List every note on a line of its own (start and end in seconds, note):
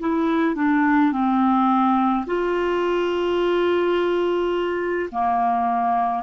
0.00 0.56 E4
0.56 1.12 D4
1.12 2.25 C4
2.27 5.10 F4
5.12 6.24 A#3